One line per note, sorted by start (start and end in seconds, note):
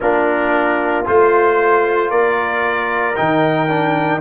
0.00 1.05 A#3
0.00 1.04 D4
0.00 2.10 F4
0.00 1.05 A#4
1.04 2.10 A3
1.04 3.15 F4
1.04 2.10 C5
2.10 3.16 A#3
2.10 4.20 A#4
2.10 3.15 D5
3.16 4.21 D#3
3.16 3.68 D#4
3.16 4.21 G5
3.68 4.21 D4